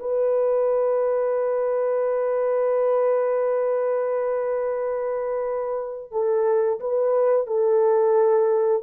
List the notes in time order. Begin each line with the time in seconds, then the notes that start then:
0.00 B4
6.12 A4
6.81 B4
7.47 A4